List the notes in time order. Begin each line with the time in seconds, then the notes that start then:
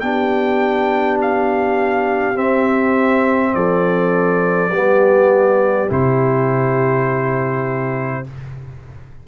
0.00 B3 D4 G4 G5
1.22 F5
2.35 C4 E5
3.55 F3 A4 D5
4.71 G3 B3 G4
5.89 C3 E4 C5